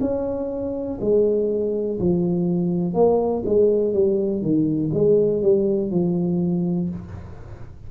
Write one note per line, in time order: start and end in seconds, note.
0.00 0.98 C#4
1.00 1.99 G#3
1.99 2.93 F3
2.93 3.42 A#3
3.45 3.93 G#3
3.93 4.41 G3
4.41 4.90 D#3
4.93 5.41 G#3
5.41 5.91 G3
5.91 6.89 F3